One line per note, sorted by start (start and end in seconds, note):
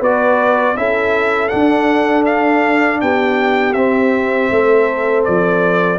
0.00 0.76 B3
0.00 0.76 F#4
0.00 0.75 B4
0.00 0.77 D5
0.76 1.52 C#4
0.76 1.50 E4
0.76 3.02 A4
0.76 1.48 E5
1.48 3.75 D4
1.48 3.02 D4
1.48 2.23 F#5
2.25 3.00 F5
3.01 3.74 B3
3.01 4.52 G4
3.01 3.73 G5
3.73 4.49 C4
3.73 5.99 C4
3.73 5.23 E5
4.51 5.26 A3
4.51 5.99 A4
5.24 5.99 F3
5.24 5.99 D5